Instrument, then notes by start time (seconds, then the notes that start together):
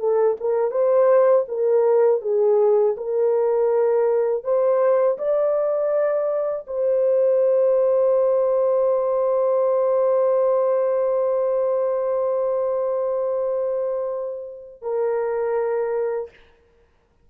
horn
0.00 A4
0.41 A#4
0.72 C5
1.49 A#4
2.22 G#4
2.98 A#4
4.44 C5
5.19 D5
6.68 C5
14.82 A#4